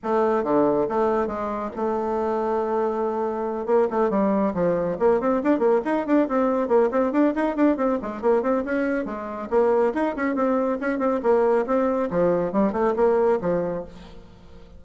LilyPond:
\new Staff \with { instrumentName = "bassoon" } { \time 4/4 \tempo 4 = 139 a4 d4 a4 gis4 | a1~ | a8 ais8 a8 g4 f4 ais8 | c'8 d'8 ais8 dis'8 d'8 c'4 ais8 |
c'8 d'8 dis'8 d'8 c'8 gis8 ais8 c'8 | cis'4 gis4 ais4 dis'8 cis'8 | c'4 cis'8 c'8 ais4 c'4 | f4 g8 a8 ais4 f4 | }